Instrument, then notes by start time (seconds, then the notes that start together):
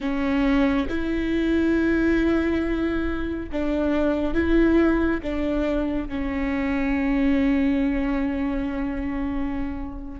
viola
0.00 C#4
0.89 E4
3.51 D4
4.34 E4
5.22 D4
6.08 C#4